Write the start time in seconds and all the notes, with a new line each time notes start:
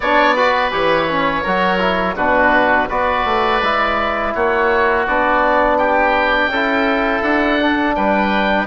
0.00 B3 D4 C#5 D5
0.35 F#4 B4
0.71 E3 G4 C#5
1.08 C#4
1.42 F#3 F#4 A#4
1.79 E4
2.16 B2 D4 F#4 B4
2.88 B3 F#4 B4 D5
3.24 A3
3.61 G#3 E4
4.34 A#3 F#4 C#5
5.07 B3 D4 D5
5.77 G4 G5
6.47 C#4 A4
6.53 E4
7.22 D4 F#5
7.60 D4
7.95 G3 B4 G5